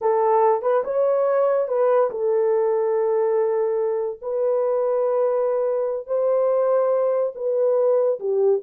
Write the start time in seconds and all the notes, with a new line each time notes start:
0.01 A4
0.62 B4
0.84 C#5
1.68 B4
2.10 A4
4.21 B4
6.06 C5
7.35 B4
8.19 G4